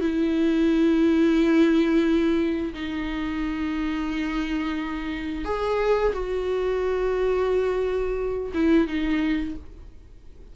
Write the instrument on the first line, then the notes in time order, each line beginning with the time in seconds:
viola
0.00 E4
2.73 D#4
5.45 G#4
6.13 F#4
8.54 E4
8.87 D#4